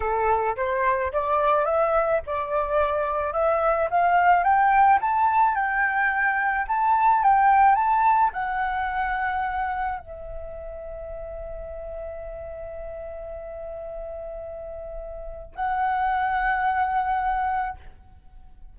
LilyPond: \new Staff \with { instrumentName = "flute" } { \time 4/4 \tempo 4 = 108 a'4 c''4 d''4 e''4 | d''2 e''4 f''4 | g''4 a''4 g''2 | a''4 g''4 a''4 fis''4~ |
fis''2 e''2~ | e''1~ | e''1 | fis''1 | }